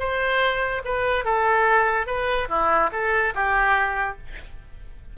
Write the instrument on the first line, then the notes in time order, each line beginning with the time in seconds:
oboe
0.00 C5
0.85 B4
1.25 A4
2.07 B4
2.49 E4
2.93 A4
3.35 G4